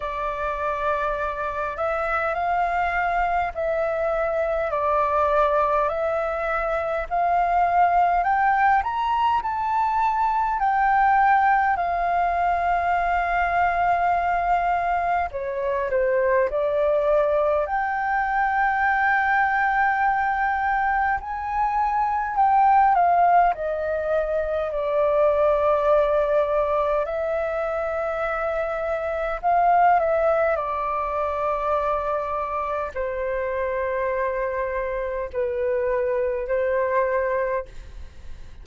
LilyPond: \new Staff \with { instrumentName = "flute" } { \time 4/4 \tempo 4 = 51 d''4. e''8 f''4 e''4 | d''4 e''4 f''4 g''8 ais''8 | a''4 g''4 f''2~ | f''4 cis''8 c''8 d''4 g''4~ |
g''2 gis''4 g''8 f''8 | dis''4 d''2 e''4~ | e''4 f''8 e''8 d''2 | c''2 b'4 c''4 | }